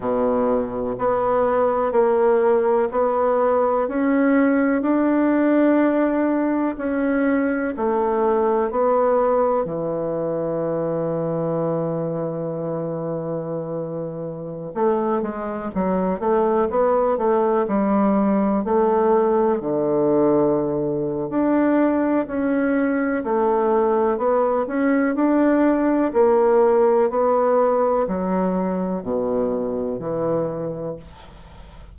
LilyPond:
\new Staff \with { instrumentName = "bassoon" } { \time 4/4 \tempo 4 = 62 b,4 b4 ais4 b4 | cis'4 d'2 cis'4 | a4 b4 e2~ | e2.~ e16 a8 gis16~ |
gis16 fis8 a8 b8 a8 g4 a8.~ | a16 d4.~ d16 d'4 cis'4 | a4 b8 cis'8 d'4 ais4 | b4 fis4 b,4 e4 | }